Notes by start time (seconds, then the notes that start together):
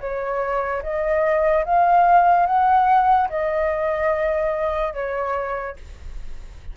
0.00 C#5
0.82 D#5
1.65 F5
2.46 F#5
3.29 D#5
4.94 C#5